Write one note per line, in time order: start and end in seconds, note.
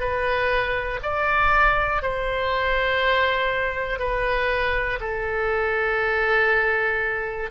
0.00 1.00 B4
1.03 2.03 D5
2.03 4.00 C5
4.00 5.00 B4
5.01 7.51 A4